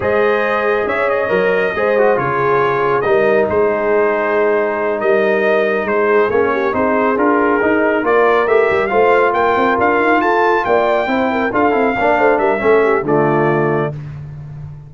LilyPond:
<<
  \new Staff \with { instrumentName = "trumpet" } { \time 4/4 \tempo 4 = 138 dis''2 e''8 dis''4.~ | dis''4 cis''2 dis''4 | c''2.~ c''8 dis''8~ | dis''4. c''4 cis''4 c''8~ |
c''8 ais'2 d''4 e''8~ | e''8 f''4 g''4 f''4 a''8~ | a''8 g''2 f''4.~ | f''8 e''4. d''2 | }
  \new Staff \with { instrumentName = "horn" } { \time 4/4 c''2 cis''2 | c''4 gis'2 ais'4 | gis'2.~ gis'8 ais'8~ | ais'4. gis'4. g'8 gis'8~ |
gis'2~ gis'8 ais'4.~ | ais'8 c''4 ais'2 a'8~ | a'8 d''4 c''8 ais'8 a'4 d''8 | c''8 ais'8 a'8 g'8 f'2 | }
  \new Staff \with { instrumentName = "trombone" } { \time 4/4 gis'2. ais'4 | gis'8 fis'8 f'2 dis'4~ | dis'1~ | dis'2~ dis'8 cis'4 dis'8~ |
dis'8 f'4 dis'4 f'4 g'8~ | g'8 f'2.~ f'8~ | f'4. e'4 f'8 e'8 d'8~ | d'4 cis'4 a2 | }
  \new Staff \with { instrumentName = "tuba" } { \time 4/4 gis2 cis'4 fis4 | gis4 cis2 g4 | gis2.~ gis8 g8~ | g4. gis4 ais4 c'8~ |
c'8 d'4 dis'4 ais4 a8 | g8 a4 ais8 c'8 d'8 dis'8 f'8~ | f'8 ais4 c'4 d'8 c'8 ais8 | a8 g8 a4 d2 | }
>>